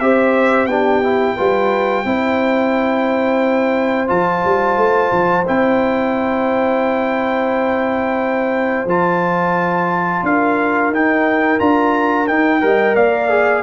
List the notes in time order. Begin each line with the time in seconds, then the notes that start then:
0.00 C4 G4 C5 E5
0.66 B3 D4 G4 G5
1.03 E4
1.36 G3 F4 B4
2.05 C4 E4 C5
4.08 F3 F4 A5
4.45 G3
4.77 A3
5.12 F3
5.47 C4 E4 G5
8.86 F3 F4 A5
10.23 D4 A#4 F5
10.90 D#4 G5
11.59 D4 F4 A#5
12.28 D#4 G5
12.61 G3 A#4 D#5
12.95 A#3 D5 F5
13.30 G#4